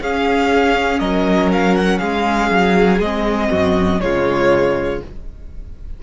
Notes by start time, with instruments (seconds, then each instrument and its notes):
0.00 viola C#4, cello C#4, violin G#4 F5
0.99 cello F#3, violin A#4 D#5
1.52 violin F5
1.75 violin F#5
1.98 cello G#3, violin G#4 F5
2.51 cello F#3
2.99 cello G#3, viola C4, violin D#5
3.50 cello F#2, violin F#4
4.00 cello C#3, viola G#3, violin F4 C#5